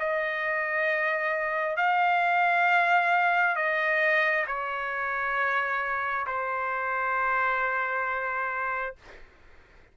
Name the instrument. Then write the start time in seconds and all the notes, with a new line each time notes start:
trumpet
0.00 D#5
1.77 F5
3.56 D#5
4.47 C#5
6.27 C5